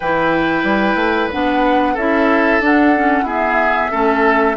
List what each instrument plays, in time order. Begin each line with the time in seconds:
0.00 bassoon E3, clarinet E4, oboe B4, flute G5
0.63 bassoon G3
0.95 bassoon A3
1.31 bassoon B3, clarinet D4, flute F#5
1.94 bassoon C#4, clarinet E4, oboe A4, flute E5
2.60 bassoon D4, clarinet D4, flute F#5
2.95 clarinet C#4
3.22 clarinet B3, bassoon E4, oboe G#4, flute E5
3.90 bassoon A3, clarinet C#4, oboe A4